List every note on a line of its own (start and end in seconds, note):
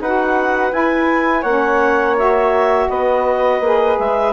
0.00 0.72 D#4
0.00 0.71 F#4
0.00 1.41 B4
0.00 0.72 F#5
0.71 1.43 E4
0.71 1.42 G#5
1.41 2.88 A#3
1.41 2.17 C#4
1.41 2.85 C#5
1.41 2.15 F#5
2.17 3.62 F#4
2.17 2.89 E5
2.89 3.60 B3
2.89 4.33 B4
2.89 3.97 D#5
3.60 3.96 A#3
3.60 4.33 G#4
3.98 4.33 G#3
3.98 4.33 E5